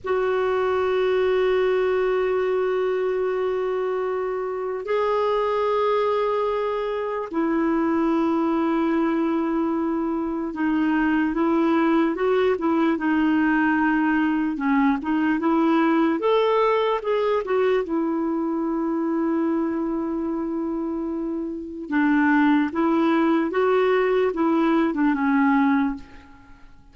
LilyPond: \new Staff \with { instrumentName = "clarinet" } { \time 4/4 \tempo 4 = 74 fis'1~ | fis'2 gis'2~ | gis'4 e'2.~ | e'4 dis'4 e'4 fis'8 e'8 |
dis'2 cis'8 dis'8 e'4 | a'4 gis'8 fis'8 e'2~ | e'2. d'4 | e'4 fis'4 e'8. d'16 cis'4 | }